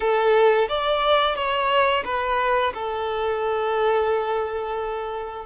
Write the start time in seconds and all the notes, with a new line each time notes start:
0.00 A4
0.68 D5
1.35 C#5
2.05 B4
2.73 A4